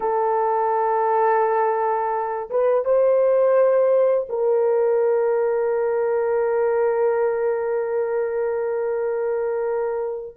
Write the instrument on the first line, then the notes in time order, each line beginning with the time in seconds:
horn
0.00 A4
2.50 B4
2.84 C5
4.29 A#4